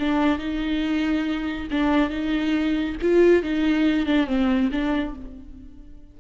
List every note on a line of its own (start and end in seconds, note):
0.00 0.39 D4
0.39 1.69 D#4
1.71 2.10 D4
2.10 2.96 D#4
3.02 3.44 F4
3.44 4.07 D#4
4.07 4.27 D4
4.27 4.70 C4
4.72 5.15 D4